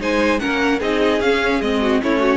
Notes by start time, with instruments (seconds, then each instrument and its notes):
0.00 cello G#3, viola D#4, violin C5 G#5
0.39 cello A#3, viola C#4, violin A#4 F#5
0.80 cello C4, viola D#4, violin G#4 D#5
1.20 cello C#4, viola C#4, violin F5
1.61 cello G#3, viola C4, violin D#5
1.81 violin F#4
2.02 cello A3, viola C#4, violin E4 C#5
2.19 violin F#4